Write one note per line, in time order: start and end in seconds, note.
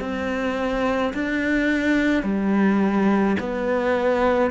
0.00 1.13 C4
1.14 2.23 D4
2.23 3.37 G3
3.40 4.51 B3